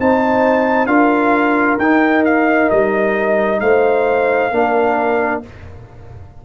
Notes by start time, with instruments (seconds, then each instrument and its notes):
0.00 tuba C4, trombone D#4, horn C5, trumpet A5
0.86 tuba D4, trombone F4, horn A#4, trumpet F5
1.78 tuba D#4, trombone D#4, trumpet G5
2.25 trumpet F5
2.70 tuba G3, trumpet D#5
3.60 tuba A3, horn C5, trumpet F5
4.51 tuba A#3, trombone D4, horn A#4